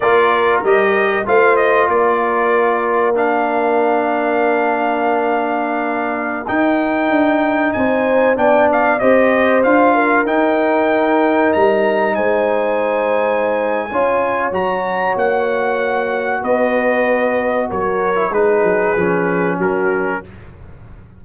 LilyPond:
<<
  \new Staff \with { instrumentName = "trumpet" } { \time 4/4 \tempo 4 = 95 d''4 dis''4 f''8 dis''8 d''4~ | d''4 f''2.~ | f''2~ f''16 g''4.~ g''16~ | g''16 gis''4 g''8 f''8 dis''4 f''8.~ |
f''16 g''2 ais''4 gis''8.~ | gis''2. ais''4 | fis''2 dis''2 | cis''4 b'2 ais'4 | }
  \new Staff \with { instrumentName = "horn" } { \time 4/4 ais'2 c''4 ais'4~ | ais'1~ | ais'1~ | ais'16 c''4 d''4 c''4. ais'16~ |
ais'2.~ ais'16 c''8.~ | c''2 cis''2~ | cis''2 b'2 | ais'4 gis'2 fis'4 | }
  \new Staff \with { instrumentName = "trombone" } { \time 4/4 f'4 g'4 f'2~ | f'4 d'2.~ | d'2~ d'16 dis'4.~ dis'16~ | dis'4~ dis'16 d'4 g'4 f'8.~ |
f'16 dis'2.~ dis'8.~ | dis'2 f'4 fis'4~ | fis'1~ | fis'8. e'16 dis'4 cis'2 | }
  \new Staff \with { instrumentName = "tuba" } { \time 4/4 ais4 g4 a4 ais4~ | ais1~ | ais2~ ais16 dis'4 d'8.~ | d'16 c'4 b4 c'4 d'8.~ |
d'16 dis'2 g4 gis8.~ | gis2 cis'4 fis4 | ais2 b2 | fis4 gis8 fis8 f4 fis4 | }
>>